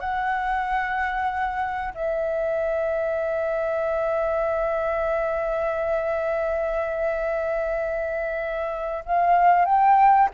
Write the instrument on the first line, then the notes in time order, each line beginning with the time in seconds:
flute
0.00 F#5
1.94 E5
9.06 F5
9.65 G5